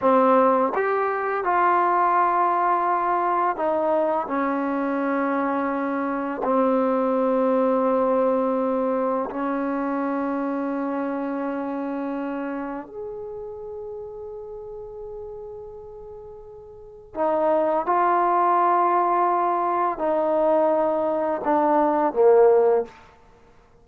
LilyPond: \new Staff \with { instrumentName = "trombone" } { \time 4/4 \tempo 4 = 84 c'4 g'4 f'2~ | f'4 dis'4 cis'2~ | cis'4 c'2.~ | c'4 cis'2.~ |
cis'2 gis'2~ | gis'1 | dis'4 f'2. | dis'2 d'4 ais4 | }